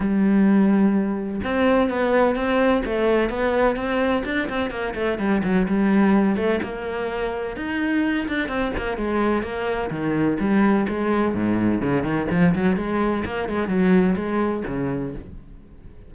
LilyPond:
\new Staff \with { instrumentName = "cello" } { \time 4/4 \tempo 4 = 127 g2. c'4 | b4 c'4 a4 b4 | c'4 d'8 c'8 ais8 a8 g8 fis8 | g4. a8 ais2 |
dis'4. d'8 c'8 ais8 gis4 | ais4 dis4 g4 gis4 | gis,4 cis8 dis8 f8 fis8 gis4 | ais8 gis8 fis4 gis4 cis4 | }